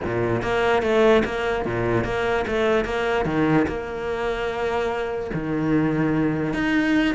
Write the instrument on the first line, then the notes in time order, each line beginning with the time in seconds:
cello
0.04 A#2
0.42 A#3
0.82 A3
1.24 A#3
1.65 A#2
2.04 A#3
2.47 A3
2.84 A#3
3.25 D#3
3.67 A#3
5.33 D#3
6.53 D#4